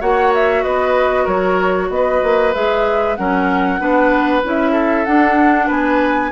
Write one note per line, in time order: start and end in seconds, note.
0.00 0.64 A#3
0.00 2.53 F#4
0.00 0.63 C#5
0.00 0.32 F#5
0.34 0.63 E5
0.63 1.26 B3
0.63 1.24 B4
0.63 1.26 D#5
1.24 1.89 F#3
1.24 1.87 A#4
1.24 1.90 C#5
1.89 2.21 B3
1.89 3.18 B4
1.89 2.54 D#5
2.23 2.54 A#3
2.54 3.18 G#3
2.54 3.17 G#4
2.54 3.16 E5
3.16 3.80 F#3
3.16 3.79 C#4
3.16 3.81 A#4
3.16 4.42 F#5
3.79 4.43 B3
3.79 4.42 D4
3.79 4.71 B4
4.44 5.06 C#4
4.44 5.06 E4
4.44 5.05 E5
4.71 5.66 A4
5.05 6.31 D4
5.05 5.69 D4
5.05 5.68 F#5
5.67 6.31 B3
5.67 6.30 B4
5.67 6.31 G#5